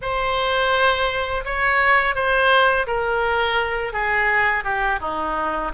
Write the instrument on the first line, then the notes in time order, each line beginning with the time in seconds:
oboe
0.01 C5
1.44 C#5
2.15 C5
2.86 A#4
3.92 G#4
4.64 G4
5.00 D#4